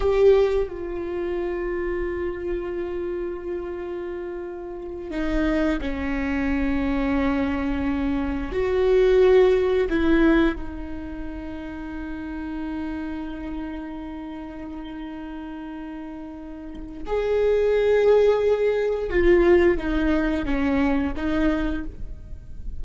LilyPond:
\new Staff \with { instrumentName = "viola" } { \time 4/4 \tempo 4 = 88 g'4 f'2.~ | f'2.~ f'8 dis'8~ | dis'8 cis'2.~ cis'8~ | cis'8 fis'2 e'4 dis'8~ |
dis'1~ | dis'1~ | dis'4 gis'2. | f'4 dis'4 cis'4 dis'4 | }